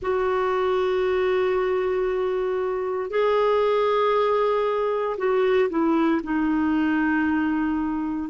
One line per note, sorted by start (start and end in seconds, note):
0.01 3.10 F#4
3.10 5.17 G#4
5.17 5.69 F#4
5.69 6.21 E4
6.23 8.29 D#4